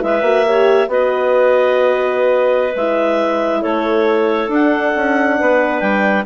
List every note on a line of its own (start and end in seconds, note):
0.00 0.22 G#3
0.00 0.22 E4
0.00 0.48 B4
0.00 0.91 E5
0.22 0.88 A#3
0.22 0.46 F#4
0.46 0.89 G4
0.46 0.90 C#5
0.89 2.75 B3
0.89 2.75 F#4
0.89 3.62 B4
0.89 2.77 D#5
2.76 3.64 G#3
2.76 4.53 E4
2.76 3.63 E5
3.62 4.49 A3
3.62 5.37 A4
3.62 4.50 C#5
4.49 4.92 D4
4.49 6.26 D4
4.49 5.80 F#5
4.96 5.40 C#4
5.39 5.82 B3
5.39 6.26 B4
5.80 6.26 G3
5.80 6.24 G5